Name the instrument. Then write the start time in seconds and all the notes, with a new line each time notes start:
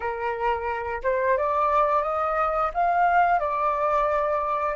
flute
0.00 A#4
1.03 C5
1.37 D5
2.03 D#5
2.74 F5
3.39 D5